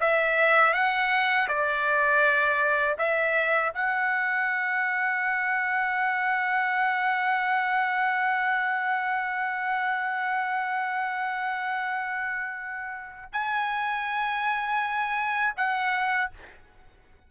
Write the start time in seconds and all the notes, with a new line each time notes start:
0.00 E5
0.73 F#5
1.48 D5
2.98 E5
3.74 F#5
13.32 G#5
15.56 F#5